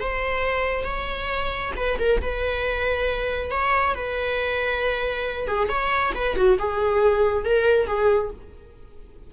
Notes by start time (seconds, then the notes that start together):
0.00 C5
0.84 C#5
1.76 B4
1.99 A#4
2.21 B4
3.51 C#5
3.95 B4
5.47 G#4
5.69 C#5
6.15 B4
6.36 F#4
6.59 G#4
7.45 A#4
7.87 G#4